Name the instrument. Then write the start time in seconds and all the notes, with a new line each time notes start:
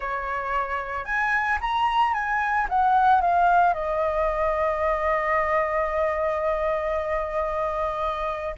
flute
0.00 C#5
1.04 G#5
1.60 A#5
2.13 G#5
2.69 F#5
3.21 F5
3.73 D#5